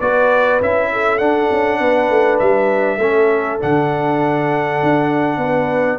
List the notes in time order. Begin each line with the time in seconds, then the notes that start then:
0.00 B3 F#4 B4 D5
0.60 C#4 E4 E5
0.92 A4
1.18 D4 F#5
1.51 C#4
1.79 B3 B4
2.10 A3
2.39 G3 E5
2.97 A3 C#4 A4
3.60 D3 D4 F#5
4.83 D4
5.37 B3 B4